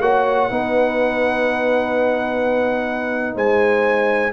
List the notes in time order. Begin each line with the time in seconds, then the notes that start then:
0.00 A#3 F#4 C#5 F#5
0.49 B3 D#4 B4
3.35 G#3 C5 G#5